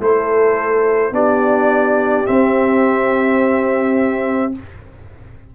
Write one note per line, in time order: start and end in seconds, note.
0.00 1.12 A3
0.00 1.12 E4
0.00 1.13 A4
0.00 1.15 C5
1.12 2.25 B3
1.12 2.26 D4
1.12 4.54 G4
1.12 2.27 D5
2.26 4.52 C4
2.26 4.55 C4
2.26 4.53 E5